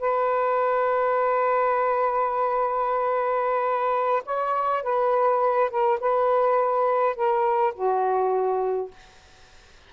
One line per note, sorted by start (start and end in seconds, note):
0.00 4.22 B4
4.25 4.83 C#5
4.83 5.70 B4
5.70 5.99 A#4
6.00 7.15 B4
7.15 7.74 A#4
7.74 8.91 F#4